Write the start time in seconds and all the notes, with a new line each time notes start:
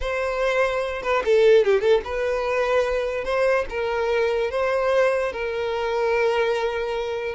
0.00 C5
1.02 B4
1.24 A4
1.64 G4
1.80 A4
2.04 B4
3.24 C5
3.69 A#4
4.50 C5
5.32 A#4